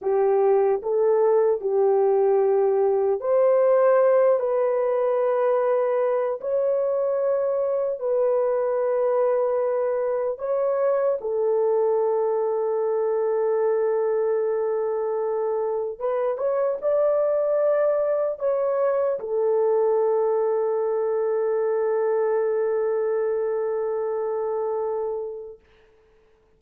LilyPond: \new Staff \with { instrumentName = "horn" } { \time 4/4 \tempo 4 = 75 g'4 a'4 g'2 | c''4. b'2~ b'8 | cis''2 b'2~ | b'4 cis''4 a'2~ |
a'1 | b'8 cis''8 d''2 cis''4 | a'1~ | a'1 | }